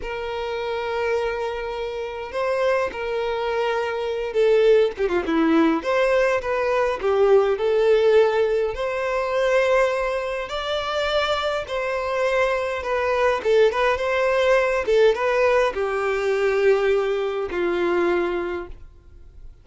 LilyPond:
\new Staff \with { instrumentName = "violin" } { \time 4/4 \tempo 4 = 103 ais'1 | c''4 ais'2~ ais'8 a'8~ | a'8 g'16 f'16 e'4 c''4 b'4 | g'4 a'2 c''4~ |
c''2 d''2 | c''2 b'4 a'8 b'8 | c''4. a'8 b'4 g'4~ | g'2 f'2 | }